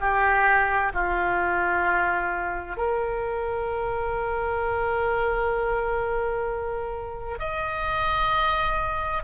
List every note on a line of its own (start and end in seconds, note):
0.00 0.92 G4
0.94 2.77 F4
2.77 7.38 A#4
7.39 9.23 D#5